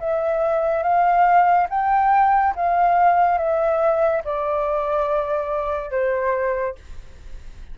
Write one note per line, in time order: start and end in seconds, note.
0.00 0.83 E5
0.83 1.67 F5
1.70 2.54 G5
2.56 3.38 F5
3.38 4.23 E5
4.25 5.91 D5
5.91 6.75 C5